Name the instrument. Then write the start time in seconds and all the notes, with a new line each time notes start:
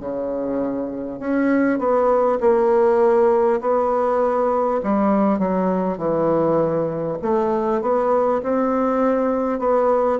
bassoon
0.00 C#3
1.19 C#4
1.78 B3
2.40 A#3
3.61 B3
4.83 G3
5.38 F#3
5.97 E3
7.22 A3
7.81 B3
8.42 C4
9.59 B3